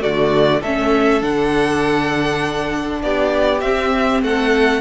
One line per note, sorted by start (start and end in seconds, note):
0.00 0.62 D3
0.00 0.60 A3
0.00 0.60 F#4
0.00 0.62 D5
0.60 1.22 A3
0.60 1.21 C#4
0.60 3.00 A4
0.60 1.22 E5
1.21 3.01 D3
1.21 3.61 D4
1.21 3.02 F#5
3.01 3.61 B3
3.01 4.24 G4
3.01 3.61 D5
3.61 4.21 C4
3.61 4.81 C4
3.61 4.21 E5
4.21 4.81 A3
4.21 4.81 A4
4.21 4.81 F#5